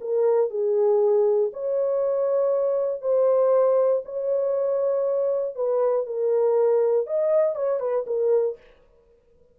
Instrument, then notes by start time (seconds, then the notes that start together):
horn
0.00 A#4
0.50 G#4
1.53 C#5
3.01 C5
4.05 C#5
5.55 B4
6.06 A#4
7.06 D#5
7.55 C#5
7.79 B4
8.06 A#4